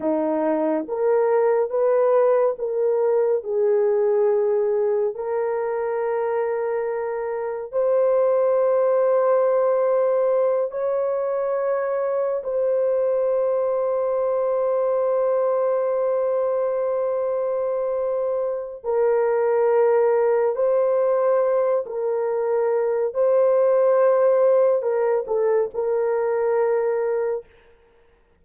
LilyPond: \new Staff \with { instrumentName = "horn" } { \time 4/4 \tempo 4 = 70 dis'4 ais'4 b'4 ais'4 | gis'2 ais'2~ | ais'4 c''2.~ | c''8 cis''2 c''4.~ |
c''1~ | c''2 ais'2 | c''4. ais'4. c''4~ | c''4 ais'8 a'8 ais'2 | }